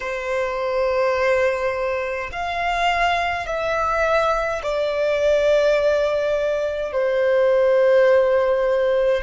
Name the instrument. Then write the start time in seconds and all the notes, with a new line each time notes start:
violin
0.00 C5
2.31 F5
3.46 E5
4.62 D5
6.92 C5